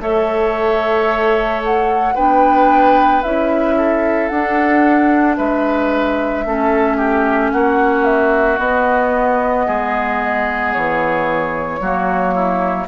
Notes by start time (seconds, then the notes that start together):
0.00 A3 A4 C#5 E5
1.64 F#5
2.15 B3 D4 B4 G5
3.23 C#4 E4 E5
3.77 A4
4.28 D4 F#5
5.37 G#3 B4 E5
6.45 A3 C#4 A4
6.97 G4
7.52 A#3 F#4 F#5
8.05 E5
8.59 B3 D#5
9.66 G#3 G#4
10.73 E3 C#5
11.80 F#3 A#3 F#4
12.35 E4